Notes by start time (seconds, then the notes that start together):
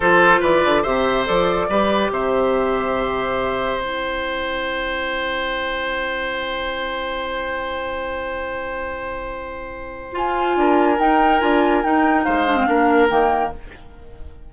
0.00 F3 F4 A4 C5
0.40 E3 B4 D5
0.64 D3
0.82 C3 G4 C5 E5
1.26 F3 A4 D5
1.69 G3 G4 B4
2.10 C3 C5 E5
3.79 C4 E4 G5
10.11 F4 G#5
10.56 D4 A#4
10.99 D#4 G5
11.40 D4 F4 G#5
11.83 D#4 G5
12.24 G#3 C5 F5
12.46 D4
12.56 C4
12.66 A#3 D4 A#4
13.09 D#3 A#3 G5